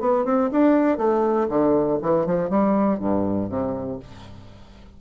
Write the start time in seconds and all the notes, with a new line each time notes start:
0.00 B3
0.25 C4
0.52 D4
0.98 A3
1.49 D3
2.02 E3
2.26 F3
2.50 G3
2.99 G2
3.49 C3